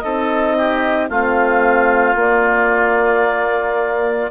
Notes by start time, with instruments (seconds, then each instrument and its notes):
0.00 bassoon C4, horn D#4, oboe A4, clarinet D#5
0.58 oboe G4
1.10 bassoon A3, horn C4, oboe F4, clarinet F5
2.16 bassoon A#3, horn A#3, clarinet D5